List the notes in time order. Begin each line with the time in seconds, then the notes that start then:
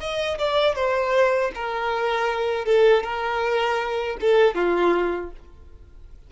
0.00 D#5
0.38 D5
0.75 C5
1.55 A#4
2.65 A4
3.03 A#4
4.21 A4
4.55 F4